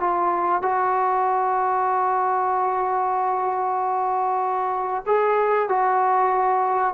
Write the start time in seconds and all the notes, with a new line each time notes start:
0.00 F4
0.62 F#4
5.07 G#4
5.69 F#4